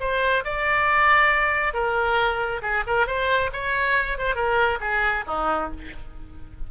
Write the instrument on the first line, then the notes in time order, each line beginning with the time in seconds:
oboe
0.00 C5
0.44 D5
1.74 A#4
2.62 G#4
2.87 A#4
3.07 C5
3.53 C#5
4.18 C5
4.35 A#4
4.80 G#4
5.27 D#4